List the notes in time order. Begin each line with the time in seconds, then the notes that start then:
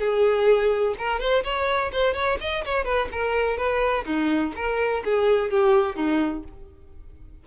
0.00 G#4
0.98 A#4
1.20 C5
1.44 C#5
1.92 C5
2.14 C#5
2.41 D#5
2.65 C#5
2.85 B4
3.12 A#4
3.57 B4
4.05 D#4
4.56 A#4
5.05 G#4
5.51 G4
5.96 D#4